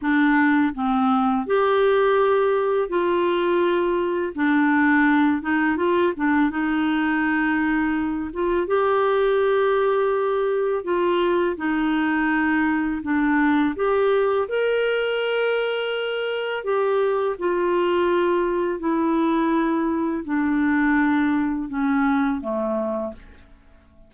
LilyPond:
\new Staff \with { instrumentName = "clarinet" } { \time 4/4 \tempo 4 = 83 d'4 c'4 g'2 | f'2 d'4. dis'8 | f'8 d'8 dis'2~ dis'8 f'8 | g'2. f'4 |
dis'2 d'4 g'4 | ais'2. g'4 | f'2 e'2 | d'2 cis'4 a4 | }